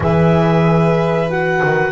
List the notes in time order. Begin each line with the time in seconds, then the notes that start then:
0.00 E3 G#4 B4 E5
1.29 F#4 F#5
1.63 D#3